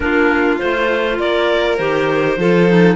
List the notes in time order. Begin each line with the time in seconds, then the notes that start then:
0.00 A#3 D4 F4 A#4
0.58 A3 F4 C5
1.19 A#3 A#4 D5
1.76 D#3 G4 C5
2.37 F3 F4 A4
2.68 D#4